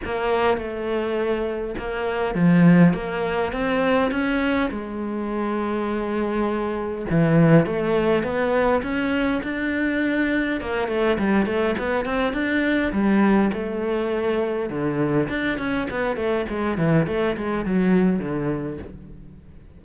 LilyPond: \new Staff \with { instrumentName = "cello" } { \time 4/4 \tempo 4 = 102 ais4 a2 ais4 | f4 ais4 c'4 cis'4 | gis1 | e4 a4 b4 cis'4 |
d'2 ais8 a8 g8 a8 | b8 c'8 d'4 g4 a4~ | a4 d4 d'8 cis'8 b8 a8 | gis8 e8 a8 gis8 fis4 d4 | }